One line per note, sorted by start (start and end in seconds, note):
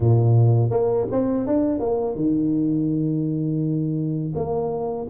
0.00 0.70 A#2
0.70 1.06 A#3
1.11 1.46 C4
1.46 1.79 D4
1.79 2.15 A#3
2.15 4.32 D#3
4.35 5.07 A#3